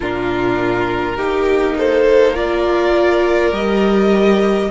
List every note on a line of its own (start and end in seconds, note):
0.00 1.18 A#2
0.00 1.17 D4
0.00 1.16 F4
0.00 1.77 A#4
1.16 3.51 A#3
1.16 2.35 D#4
1.16 1.75 G4
1.77 2.33 A4
1.77 2.36 C5
2.33 3.52 F4
2.33 4.68 A#4
2.33 3.53 D5
3.51 4.69 G3
3.51 4.70 G4
3.51 4.71 D#5